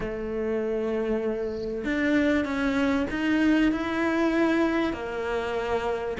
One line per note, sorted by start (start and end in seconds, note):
0.00 1.84 A3
1.84 2.44 D4
2.44 3.06 C#4
3.10 3.72 D#4
3.72 4.93 E4
4.93 6.17 A#3